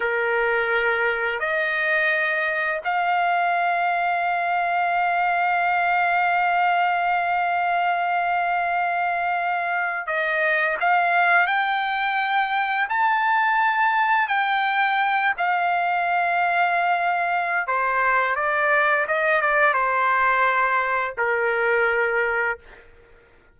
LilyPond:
\new Staff \with { instrumentName = "trumpet" } { \time 4/4 \tempo 4 = 85 ais'2 dis''2 | f''1~ | f''1~ | f''2~ f''16 dis''4 f''8.~ |
f''16 g''2 a''4.~ a''16~ | a''16 g''4. f''2~ f''16~ | f''4 c''4 d''4 dis''8 d''8 | c''2 ais'2 | }